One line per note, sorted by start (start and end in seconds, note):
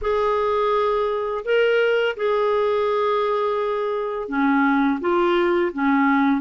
0.01 1.44 G#4
1.44 2.16 A#4
2.16 4.28 G#4
4.28 4.99 C#4
5.00 5.71 F4
5.72 6.41 C#4